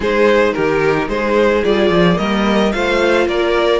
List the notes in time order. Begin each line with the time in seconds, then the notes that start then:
0.00 G#3 D#4 G#4 C5
0.53 D#3 G4 A#4
1.08 G#3 G#4 C5
1.63 G3 F4 D5
1.89 F3
2.15 G3 A#3 A#4 D#5
2.72 A3 F4 C5 F5
3.27 A#3 A#4 D5